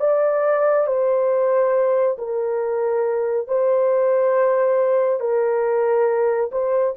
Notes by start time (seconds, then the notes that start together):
0.00 D5
0.87 C5
2.18 A#4
3.47 C5
5.20 A#4
6.51 C5